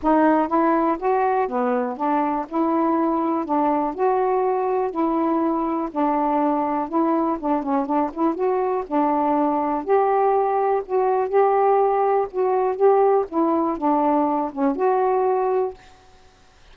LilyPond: \new Staff \with { instrumentName = "saxophone" } { \time 4/4 \tempo 4 = 122 dis'4 e'4 fis'4 b4 | d'4 e'2 d'4 | fis'2 e'2 | d'2 e'4 d'8 cis'8 |
d'8 e'8 fis'4 d'2 | g'2 fis'4 g'4~ | g'4 fis'4 g'4 e'4 | d'4. cis'8 fis'2 | }